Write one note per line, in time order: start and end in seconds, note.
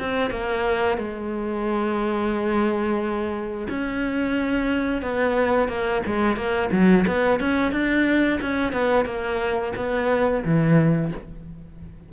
0.00 0.31 C4
0.31 0.98 A#3
0.98 3.68 G#3
3.70 5.02 C#4
5.02 5.69 B3
5.69 6.03 A#3
6.06 6.37 G#3
6.37 6.70 A#3
6.72 7.06 F#3
7.08 7.41 B3
7.41 7.73 C#4
7.73 8.40 D4
8.42 8.73 C#4
8.73 9.06 B3
9.06 9.73 A#3
9.77 10.44 B3
10.45 11.13 E3